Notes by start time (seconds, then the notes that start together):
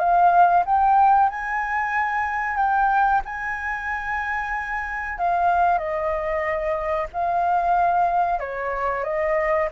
0.00 F5
0.66 G5
1.30 G#5
2.57 G5
3.26 G#5
5.18 F5
5.79 D#5
7.13 F5
8.40 C#5
9.04 D#5